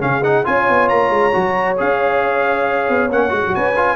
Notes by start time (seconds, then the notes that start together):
0.00 C#3 C#4 G#4 F5
0.23 D#4 F#5
0.44 C#4 F4 C#5 G#5
0.69 B3
0.89 A#3 A#5
1.10 G#3
1.32 F#3 F#4
1.77 C#4 G#4 F5
2.89 B3
3.11 A#3 C#4 F#5
3.30 G#3 F#4
3.48 F#3
3.55 C#4 B4 G#5
3.76 F4